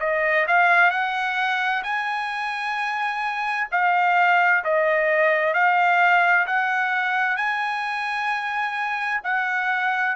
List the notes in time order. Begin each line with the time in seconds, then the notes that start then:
0.00 D#5
0.47 F5
0.90 F#5
1.83 G#5
3.71 F5
4.64 D#5
5.54 F5
6.47 F#5
7.36 G#5
9.24 F#5